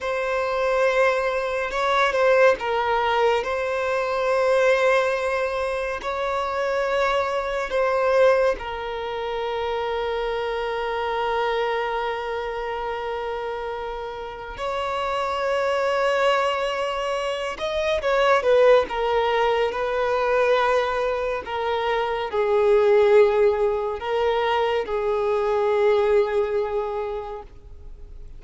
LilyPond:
\new Staff \with { instrumentName = "violin" } { \time 4/4 \tempo 4 = 70 c''2 cis''8 c''8 ais'4 | c''2. cis''4~ | cis''4 c''4 ais'2~ | ais'1~ |
ais'4 cis''2.~ | cis''8 dis''8 cis''8 b'8 ais'4 b'4~ | b'4 ais'4 gis'2 | ais'4 gis'2. | }